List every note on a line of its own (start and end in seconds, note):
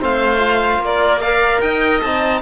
0.00 0.78 A3
0.00 0.38 C4
0.00 0.82 C5
0.00 0.84 F5
0.38 1.19 F4
0.78 1.58 A#3
0.84 1.20 A#4
0.84 1.21 D5
1.20 2.05 A#4
1.20 1.61 D5
1.20 1.60 F5
1.60 2.01 D#4
1.60 2.41 D#5
1.60 2.01 G5
2.01 2.41 C4
2.01 2.41 D#4
2.01 2.41 A5